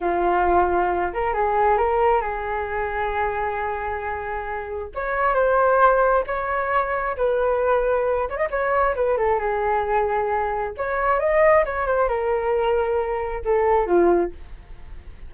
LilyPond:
\new Staff \with { instrumentName = "flute" } { \time 4/4 \tempo 4 = 134 f'2~ f'8 ais'8 gis'4 | ais'4 gis'2.~ | gis'2. cis''4 | c''2 cis''2 |
b'2~ b'8 cis''16 dis''16 cis''4 | b'8 a'8 gis'2. | cis''4 dis''4 cis''8 c''8 ais'4~ | ais'2 a'4 f'4 | }